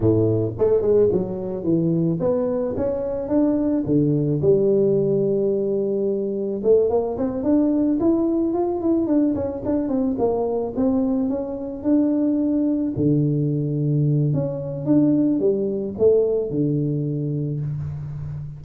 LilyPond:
\new Staff \with { instrumentName = "tuba" } { \time 4/4 \tempo 4 = 109 a,4 a8 gis8 fis4 e4 | b4 cis'4 d'4 d4 | g1 | a8 ais8 c'8 d'4 e'4 f'8 |
e'8 d'8 cis'8 d'8 c'8 ais4 c'8~ | c'8 cis'4 d'2 d8~ | d2 cis'4 d'4 | g4 a4 d2 | }